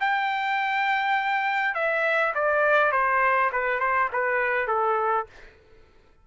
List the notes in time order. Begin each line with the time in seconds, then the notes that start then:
0.00 G5
1.75 E5
2.35 D5
2.92 C5
3.52 B4
3.80 C5
4.13 B4
4.68 A4